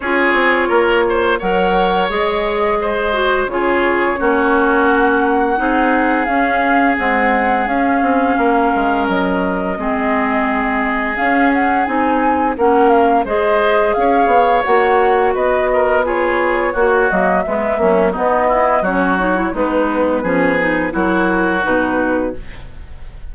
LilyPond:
<<
  \new Staff \with { instrumentName = "flute" } { \time 4/4 \tempo 4 = 86 cis''2 fis''4 dis''4~ | dis''4 cis''2 fis''4~ | fis''4 f''4 fis''4 f''4~ | f''4 dis''2. |
f''8 fis''8 gis''4 fis''8 f''8 dis''4 | f''4 fis''4 dis''4 cis''4~ | cis''8 dis''8 e''4 dis''4 cis''4 | b'2 ais'4 b'4 | }
  \new Staff \with { instrumentName = "oboe" } { \time 4/4 gis'4 ais'8 c''8 cis''2 | c''4 gis'4 fis'2 | gis'1 | ais'2 gis'2~ |
gis'2 ais'4 c''4 | cis''2 b'8 ais'8 gis'4 | fis'4 b8 cis'8 dis'8 e'8 fis'4 | b4 gis'4 fis'2 | }
  \new Staff \with { instrumentName = "clarinet" } { \time 4/4 f'2 ais'4 gis'4~ | gis'8 fis'8 f'4 cis'2 | dis'4 cis'4 gis4 cis'4~ | cis'2 c'2 |
cis'4 dis'4 cis'4 gis'4~ | gis'4 fis'2 f'4 | fis'8 ais8 gis8 fis8 b4 cis'8 dis'16 e'16 | dis'4 cis'8 dis'8 e'4 dis'4 | }
  \new Staff \with { instrumentName = "bassoon" } { \time 4/4 cis'8 c'8 ais4 fis4 gis4~ | gis4 cis4 ais2 | c'4 cis'4 c'4 cis'8 c'8 | ais8 gis8 fis4 gis2 |
cis'4 c'4 ais4 gis4 | cis'8 b8 ais4 b2 | ais8 fis8 gis8 ais8 b4 fis4 | gis4 f4 fis4 b,4 | }
>>